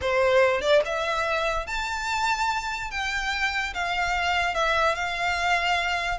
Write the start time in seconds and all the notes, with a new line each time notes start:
0.01 C5
0.61 D5
0.85 E5
1.66 A5
2.91 G5
3.74 F5
4.54 E5
4.95 F5